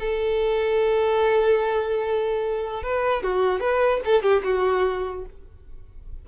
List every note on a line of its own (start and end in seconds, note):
0.00 2.83 A4
2.83 3.23 B4
3.23 3.61 F#4
3.61 4.01 B4
4.05 4.23 A4
4.23 4.43 G4
4.44 5.25 F#4